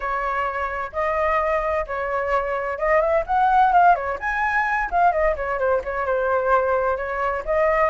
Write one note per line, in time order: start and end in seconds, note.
0.00 0.91 C#5
0.92 1.85 D#5
1.86 2.78 C#5
2.78 3.00 D#5
3.00 3.24 E5
3.26 3.72 F#5
3.72 3.95 F5
3.95 4.18 C#5
4.19 4.89 G#5
4.90 5.12 F5
5.12 5.35 D#5
5.36 5.58 C#5
5.58 5.81 C5
5.84 6.05 C#5
6.05 6.96 C5
6.96 7.43 C#5
7.45 7.90 D#5